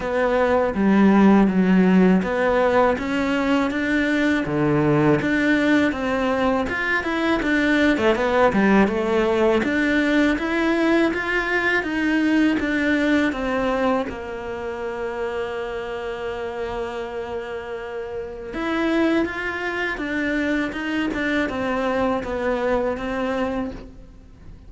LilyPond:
\new Staff \with { instrumentName = "cello" } { \time 4/4 \tempo 4 = 81 b4 g4 fis4 b4 | cis'4 d'4 d4 d'4 | c'4 f'8 e'8 d'8. a16 b8 g8 | a4 d'4 e'4 f'4 |
dis'4 d'4 c'4 ais4~ | ais1~ | ais4 e'4 f'4 d'4 | dis'8 d'8 c'4 b4 c'4 | }